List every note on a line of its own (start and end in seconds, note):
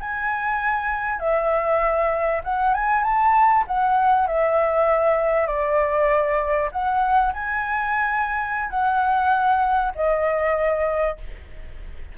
0.00 1.19 G#5
1.19 2.42 E5
2.44 2.74 F#5
2.74 3.03 G#5
3.03 3.65 A5
3.67 4.27 F#5
4.27 5.47 E5
5.47 6.70 D5
6.72 7.33 F#5
7.33 8.70 G#5
8.70 9.93 F#5
9.95 11.18 D#5